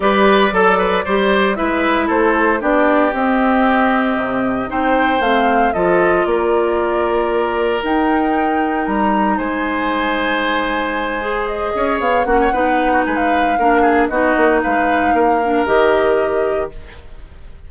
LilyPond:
<<
  \new Staff \with { instrumentName = "flute" } { \time 4/4 \tempo 4 = 115 d''2. e''4 | c''4 d''4 dis''2~ | dis''4 g''4 f''4 dis''4 | d''2. g''4~ |
g''4 ais''4 gis''2~ | gis''2 dis''4 f''8 fis''8~ | fis''4 gis''16 f''4.~ f''16 dis''4 | f''2 dis''2 | }
  \new Staff \with { instrumentName = "oboe" } { \time 4/4 b'4 a'8 b'8 c''4 b'4 | a'4 g'2.~ | g'4 c''2 a'4 | ais'1~ |
ais'2 c''2~ | c''2~ c''8 cis''4 fis'16 cis''16 | b'8. fis'16 b'4 ais'8 gis'8 fis'4 | b'4 ais'2. | }
  \new Staff \with { instrumentName = "clarinet" } { \time 4/4 g'4 a'4 g'4 e'4~ | e'4 d'4 c'2~ | c'4 dis'4 c'4 f'4~ | f'2. dis'4~ |
dis'1~ | dis'4. gis'2 cis'8 | dis'2 d'4 dis'4~ | dis'4. d'8 g'2 | }
  \new Staff \with { instrumentName = "bassoon" } { \time 4/4 g4 fis4 g4 gis4 | a4 b4 c'2 | c4 c'4 a4 f4 | ais2. dis'4~ |
dis'4 g4 gis2~ | gis2~ gis8 cis'8 b8 ais8 | b4 gis4 ais4 b8 ais8 | gis4 ais4 dis2 | }
>>